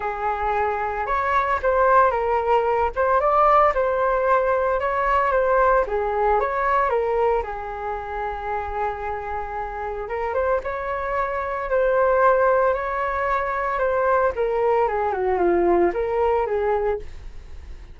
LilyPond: \new Staff \with { instrumentName = "flute" } { \time 4/4 \tempo 4 = 113 gis'2 cis''4 c''4 | ais'4. c''8 d''4 c''4~ | c''4 cis''4 c''4 gis'4 | cis''4 ais'4 gis'2~ |
gis'2. ais'8 c''8 | cis''2 c''2 | cis''2 c''4 ais'4 | gis'8 fis'8 f'4 ais'4 gis'4 | }